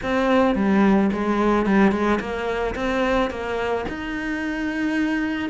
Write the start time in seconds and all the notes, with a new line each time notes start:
0.03 C4
0.55 G3
1.12 G#3
1.65 G3
1.91 G#3
2.19 A#3
2.75 C4
3.30 A#3
3.89 D#4